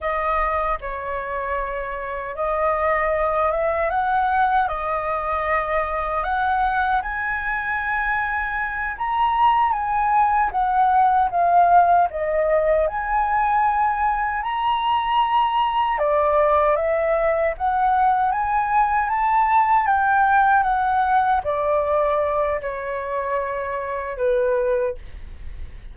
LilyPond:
\new Staff \with { instrumentName = "flute" } { \time 4/4 \tempo 4 = 77 dis''4 cis''2 dis''4~ | dis''8 e''8 fis''4 dis''2 | fis''4 gis''2~ gis''8 ais''8~ | ais''8 gis''4 fis''4 f''4 dis''8~ |
dis''8 gis''2 ais''4.~ | ais''8 d''4 e''4 fis''4 gis''8~ | gis''8 a''4 g''4 fis''4 d''8~ | d''4 cis''2 b'4 | }